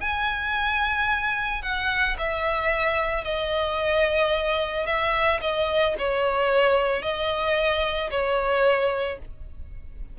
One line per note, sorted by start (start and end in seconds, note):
0.00 1.62 G#5
1.62 2.16 F#5
2.18 3.24 E5
3.24 4.86 D#5
4.86 5.40 E5
5.41 5.95 D#5
5.98 7.02 C#5
7.02 8.10 D#5
8.10 9.18 C#5